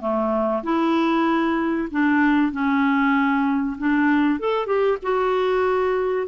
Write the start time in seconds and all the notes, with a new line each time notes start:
0.00 A3
0.63 E4
1.91 D4
2.51 C#4
3.78 D4
4.39 A4
4.66 G4
5.02 F#4